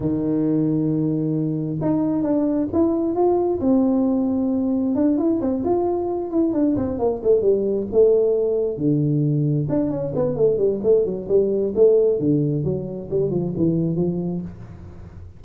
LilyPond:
\new Staff \with { instrumentName = "tuba" } { \time 4/4 \tempo 4 = 133 dis1 | dis'4 d'4 e'4 f'4 | c'2. d'8 e'8 | c'8 f'4. e'8 d'8 c'8 ais8 |
a8 g4 a2 d8~ | d4. d'8 cis'8 b8 a8 g8 | a8 fis8 g4 a4 d4 | fis4 g8 f8 e4 f4 | }